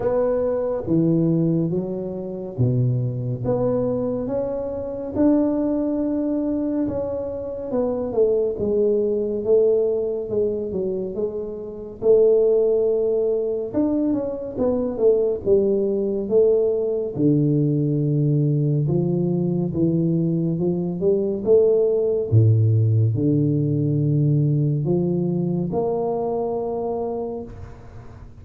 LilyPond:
\new Staff \with { instrumentName = "tuba" } { \time 4/4 \tempo 4 = 70 b4 e4 fis4 b,4 | b4 cis'4 d'2 | cis'4 b8 a8 gis4 a4 | gis8 fis8 gis4 a2 |
d'8 cis'8 b8 a8 g4 a4 | d2 f4 e4 | f8 g8 a4 a,4 d4~ | d4 f4 ais2 | }